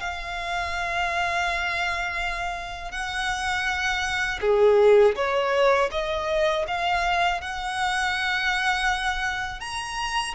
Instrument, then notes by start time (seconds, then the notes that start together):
violin
0.00 F5
2.92 F#5
4.41 G#4
5.16 C#5
5.92 D#5
6.68 F5
7.41 F#5
9.61 A#5